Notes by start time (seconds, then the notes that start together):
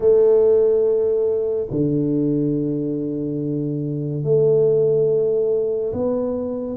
0.00 A3
1.70 D3
4.23 A3
5.92 B3